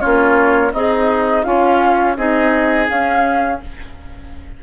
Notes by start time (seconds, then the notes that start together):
0.00 A#3 C#4 F4 C#5
0.73 C4 D#4 G#4 D#5
1.44 C#4 F4 F5
2.17 C4 D#4 G#4 D#5
2.89 C#4 F5